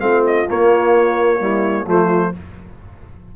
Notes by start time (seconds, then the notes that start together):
0.00 A3 C4 F4 F5
0.26 D#5
0.49 A#3 C#5
1.40 G3 E4
1.86 F3 A3 F4 C5